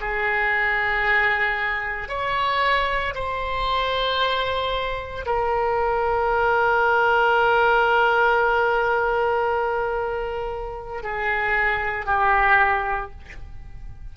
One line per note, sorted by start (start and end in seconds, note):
0.00 2.08 G#4
2.08 3.13 C#5
3.14 5.25 C5
5.25 11.03 A#4
11.03 12.05 G#4
12.05 13.11 G4